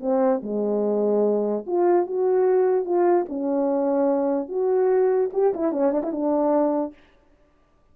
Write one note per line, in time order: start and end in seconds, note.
0.00 0.41 C4
0.42 1.65 G#3
1.66 2.06 F4
2.06 2.85 F#4
2.85 3.26 F4
3.29 4.48 C#4
4.48 5.30 F#4
5.33 5.53 G4
5.54 5.72 E4
5.72 5.92 C#4
5.92 6.02 D4
6.03 6.12 E4
6.12 6.93 D4